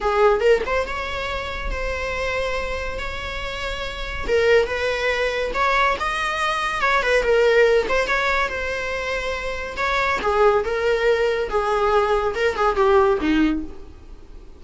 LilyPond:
\new Staff \with { instrumentName = "viola" } { \time 4/4 \tempo 4 = 141 gis'4 ais'8 c''8 cis''2 | c''2. cis''4~ | cis''2 ais'4 b'4~ | b'4 cis''4 dis''2 |
cis''8 b'8 ais'4. c''8 cis''4 | c''2. cis''4 | gis'4 ais'2 gis'4~ | gis'4 ais'8 gis'8 g'4 dis'4 | }